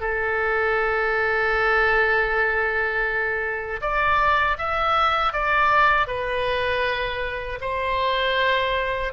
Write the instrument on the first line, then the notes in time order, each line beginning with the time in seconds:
oboe
0.00 A4
3.81 D5
4.57 E5
5.32 D5
6.07 B4
7.61 C5